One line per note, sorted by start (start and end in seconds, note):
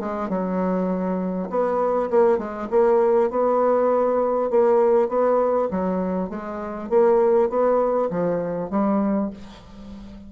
0.00 0.29 G#3
0.29 1.49 F#3
1.50 2.10 B3
2.11 2.38 A#3
2.38 2.68 G#3
2.71 3.30 A#3
3.30 4.50 B3
4.51 5.09 A#3
5.09 5.69 B3
5.71 6.30 F#3
6.30 6.90 G#3
6.90 7.50 A#3
7.50 8.10 B3
8.10 8.70 F3
8.71 9.31 G3